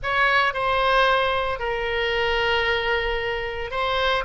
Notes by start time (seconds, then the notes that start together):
0.02 C#5
0.53 C5
1.59 A#4
3.70 C5